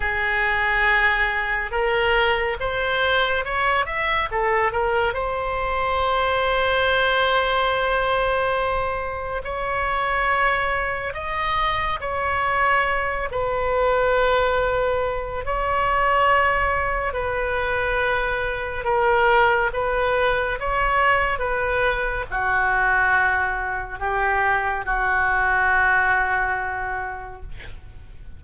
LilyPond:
\new Staff \with { instrumentName = "oboe" } { \time 4/4 \tempo 4 = 70 gis'2 ais'4 c''4 | cis''8 e''8 a'8 ais'8 c''2~ | c''2. cis''4~ | cis''4 dis''4 cis''4. b'8~ |
b'2 cis''2 | b'2 ais'4 b'4 | cis''4 b'4 fis'2 | g'4 fis'2. | }